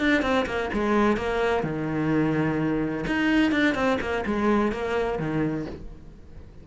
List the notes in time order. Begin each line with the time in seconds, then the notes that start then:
0.00 D4
0.22 C4
0.46 A#3
0.73 G#3
1.17 A#3
1.63 D#3
3.07 D#4
3.51 D4
3.75 C4
4.01 A#3
4.26 G#3
4.72 A#3
5.19 D#3